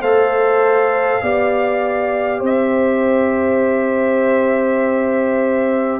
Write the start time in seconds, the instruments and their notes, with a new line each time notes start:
0.00 tuba A3, trombone A4, horn C5, trumpet F5
1.22 tuba B3, trombone G4, horn D5
2.40 tuba C4, horn C5
2.46 trumpet E5